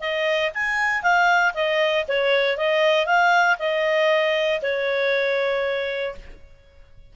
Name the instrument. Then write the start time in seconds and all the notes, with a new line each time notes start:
clarinet
0.00 D#5
0.54 G#5
1.02 F5
1.54 D#5
2.08 C#5
2.57 D#5
3.06 F5
3.59 D#5
4.62 C#5